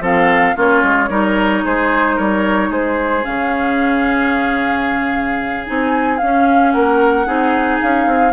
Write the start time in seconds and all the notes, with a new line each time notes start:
0.00 F3 C4 A4 F5
0.56 A#3 C#4 F4 C#5
0.83 G#3
1.09 G3 D#4 A#4
1.64 G#3 G#4 C5
2.16 G3 A#4 C#5
2.70 G#3 G#4 C5
3.23 C#3 C#4 F5
5.66 C4 D#4 G#5
6.18 C#4 F5
6.71 A#3 A#4 F#5
7.26 C4 D#4 G#4
7.81 C#4 F5
8.06 C4